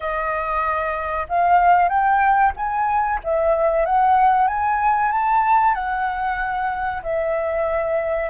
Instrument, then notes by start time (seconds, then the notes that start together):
flute
0.00 D#5
1.28 F5
1.88 G5
2.56 G#5
3.23 E5
3.85 F#5
4.47 G#5
5.11 A5
5.74 F#5
7.02 E5